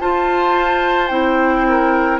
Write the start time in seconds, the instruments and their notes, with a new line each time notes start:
0.00 bassoon F4, clarinet F4, oboe C5, flute A5
1.08 bassoon C4, clarinet E4, flute G5
1.69 oboe A#4